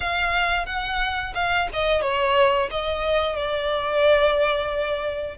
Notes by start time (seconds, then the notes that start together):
0.00 F5
0.66 F#5
1.34 F5
1.73 D#5
2.01 C#5
2.70 D#5
3.36 D5